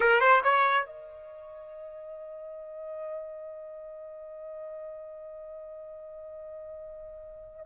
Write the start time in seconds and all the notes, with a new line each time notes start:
0.00 A#4
0.20 C5
0.43 C#5
0.85 D#5